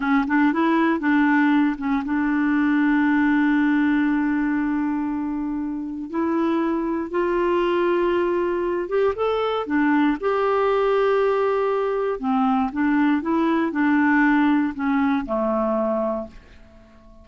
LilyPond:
\new Staff \with { instrumentName = "clarinet" } { \time 4/4 \tempo 4 = 118 cis'8 d'8 e'4 d'4. cis'8 | d'1~ | d'1 | e'2 f'2~ |
f'4. g'8 a'4 d'4 | g'1 | c'4 d'4 e'4 d'4~ | d'4 cis'4 a2 | }